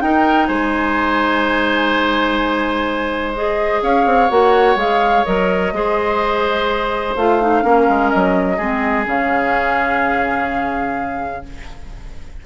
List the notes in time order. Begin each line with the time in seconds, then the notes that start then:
0.00 D#4 A#4 G5
0.46 G#3 C5 G#5
3.34 G#4 D#5
3.82 C#4 C#5 F5
4.05 C4
4.29 A#3 F#4 F#5
4.75 G#3 G#4 F5
5.24 F#3 A#4 D#5
5.72 G#3 G#4 C5
7.16 A3 F4 F5
7.41 D#4
7.62 A#3 C#4 A#4
7.88 G#3
8.10 F#3 D#5
8.57 G#3 C4 G#4
9.05 C#3 C#4 F5